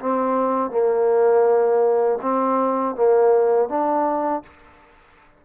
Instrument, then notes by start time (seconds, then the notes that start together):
trombone
0.00 C4
0.70 A#3
2.22 C4
2.95 A#3
3.68 D4